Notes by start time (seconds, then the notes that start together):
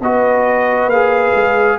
0.00 B3 F#4 B4 D#5
0.87 A#3 G#4 F5
1.34 G#3